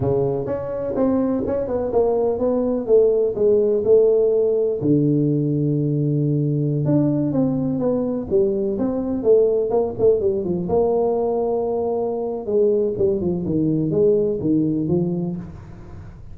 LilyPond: \new Staff \with { instrumentName = "tuba" } { \time 4/4 \tempo 4 = 125 cis4 cis'4 c'4 cis'8 b8 | ais4 b4 a4 gis4 | a2 d2~ | d2~ d16 d'4 c'8.~ |
c'16 b4 g4 c'4 a8.~ | a16 ais8 a8 g8 f8 ais4.~ ais16~ | ais2 gis4 g8 f8 | dis4 gis4 dis4 f4 | }